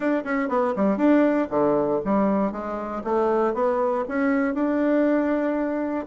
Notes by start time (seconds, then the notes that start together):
0.00 D4
0.24 C#4
0.48 B3
0.76 G3
0.97 D4
1.50 D3
2.04 G3
2.52 G#3
3.03 A3
3.53 B3
4.08 C#4
4.54 D4